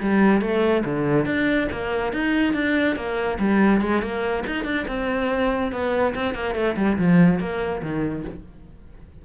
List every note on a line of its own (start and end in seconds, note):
0.00 0.41 G3
0.41 0.83 A3
0.85 1.25 D3
1.25 1.68 D4
1.71 2.13 A#3
2.13 2.53 D#4
2.53 2.96 D4
2.96 3.38 A#3
3.39 3.81 G3
3.81 4.01 G#3
4.01 4.44 A#3
4.46 4.64 D#4
4.64 4.85 D4
4.87 5.72 C4
5.72 6.14 B3
6.14 6.34 C4
6.34 6.54 A#3
6.54 6.75 A3
6.76 6.97 G3
6.98 7.39 F3
7.39 7.81 A#3
7.82 8.24 D#3